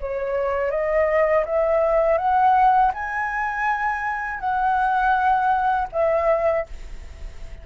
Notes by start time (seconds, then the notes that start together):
0.00 C#5
0.70 D#5
1.45 E5
2.18 F#5
2.94 G#5
4.40 F#5
5.92 E5